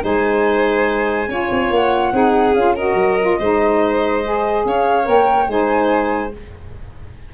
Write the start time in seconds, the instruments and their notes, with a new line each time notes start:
0.00 tuba G#3, saxophone D#4, violin C5, flute G#5
1.28 tuba C#4, saxophone F4, violin C#5
1.51 tuba C4
1.70 tuba A#3, flute F#5
2.12 tuba C4, saxophone D#4, violin G#4
2.54 tuba C#4, saxophone F4, flute F5
2.75 saxophone F#4, violin A#4, flute D#5
2.95 tuba F#3
3.20 saxophone F4
3.39 tuba G#3, saxophone D#4, violin C5
4.24 saxophone G#4
4.65 tuba C#4, violin C#5, flute F5
5.04 tuba A#3, saxophone A#4, flute G5
5.47 tuba G#3, saxophone D#4, violin C5, flute G#5